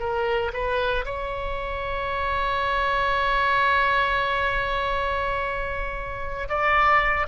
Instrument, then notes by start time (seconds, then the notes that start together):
oboe
0.00 A#4
0.54 B4
1.05 C#5
6.49 D5